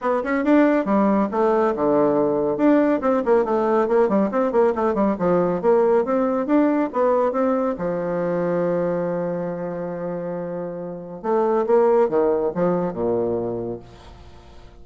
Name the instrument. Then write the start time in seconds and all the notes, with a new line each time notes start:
bassoon
0.01 B3
0.23 C#4
0.44 D4
0.85 G3
1.31 A3
1.75 D3
2.57 D4
3.01 C4
3.25 A#3
3.44 A3
3.88 A#3
4.08 G3
4.31 C4
4.51 A#3
4.75 A3
4.94 G3
5.19 F3
5.61 A#3
6.04 C4
6.46 D4
6.92 B3
7.32 C4
7.78 F3
11.22 A3
11.66 A#3
12.08 D#3
12.54 F3
12.93 A#2